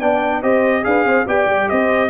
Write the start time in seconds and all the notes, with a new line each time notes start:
0.00 B3 D4 D5 G5
0.43 C4 G4 C5 D#5
0.84 D4 G#4 B4 F5
1.05 C4 C5
1.27 B3 G4 D5 G5
1.46 G3
1.70 C4 C5 D#5